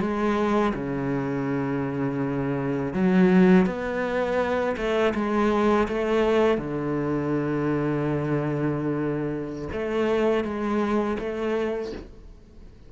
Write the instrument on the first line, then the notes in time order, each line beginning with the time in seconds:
cello
0.00 G#3
0.74 C#3
2.93 F#3
3.66 B3
4.77 A3
5.15 G#3
5.88 A3
6.58 D3
9.72 A3
10.44 G#3
11.19 A3